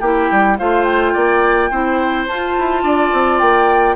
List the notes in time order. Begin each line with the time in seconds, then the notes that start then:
0.00 A#3 E4 G4 G5
0.31 G3
0.58 A3 F4 C5 F5
0.83 G5
1.13 A#3 D5
1.70 C4 E4 C5
2.27 F4 A5
2.58 E4
2.83 D4 D5
3.12 C4
3.38 A#3 G5